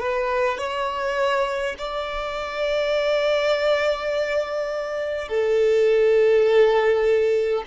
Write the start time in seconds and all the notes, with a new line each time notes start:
0.00 B4
0.58 C#5
1.79 D5
5.29 A4